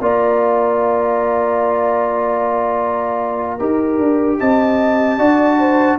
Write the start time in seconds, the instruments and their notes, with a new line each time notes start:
0.00 tuba A#3, trombone F4, horn D5, trumpet A#5
3.59 tuba D#4, trombone G4, horn A#4
3.98 tuba D4
4.39 tuba C4, horn D#5, trumpet A5
5.18 tuba D4, trombone F#4, horn D5
5.59 horn C5